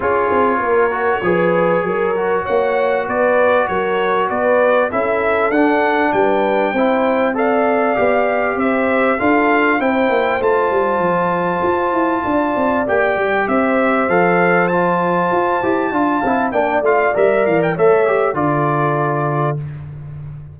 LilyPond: <<
  \new Staff \with { instrumentName = "trumpet" } { \time 4/4 \tempo 4 = 98 cis''1 | fis''4 d''4 cis''4 d''4 | e''4 fis''4 g''2 | f''2 e''4 f''4 |
g''4 a''2.~ | a''4 g''4 e''4 f''4 | a''2. g''8 f''8 | e''8 f''16 g''16 e''4 d''2 | }
  \new Staff \with { instrumentName = "horn" } { \time 4/4 gis'4 ais'4 b'4 ais'4 | cis''4 b'4 ais'4 b'4 | a'2 b'4 c''4 | d''2 c''4 a'4 |
c''1 | d''2 c''2~ | c''2 f''4 d''4~ | d''4 cis''4 a'2 | }
  \new Staff \with { instrumentName = "trombone" } { \time 4/4 f'4. fis'8 gis'4. fis'8~ | fis'1 | e'4 d'2 e'4 | a'4 g'2 f'4 |
e'4 f'2.~ | f'4 g'2 a'4 | f'4. g'8 f'8 e'8 d'8 f'8 | ais'4 a'8 g'8 f'2 | }
  \new Staff \with { instrumentName = "tuba" } { \time 4/4 cis'8 c'8 ais4 f4 fis4 | ais4 b4 fis4 b4 | cis'4 d'4 g4 c'4~ | c'4 b4 c'4 d'4 |
c'8 ais8 a8 g8 f4 f'8 e'8 | d'8 c'8 ais8 g8 c'4 f4~ | f4 f'8 e'8 d'8 c'8 ais8 a8 | g8 e8 a4 d2 | }
>>